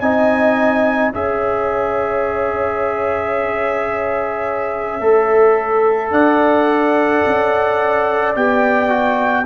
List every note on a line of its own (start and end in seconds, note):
0.00 1.12 C4
0.00 1.13 D#4
0.00 1.12 D#5
0.00 1.11 G#5
1.12 5.00 C#4
1.12 5.01 G#4
1.12 6.12 C#5
1.12 6.12 E5
5.00 6.10 A3
5.00 8.34 A4
6.10 7.22 D4
6.10 9.45 D5
6.10 8.34 F#5
7.26 8.35 C#4
8.35 9.45 B3
8.35 8.89 G4
8.35 9.45 G5
8.89 9.44 F#4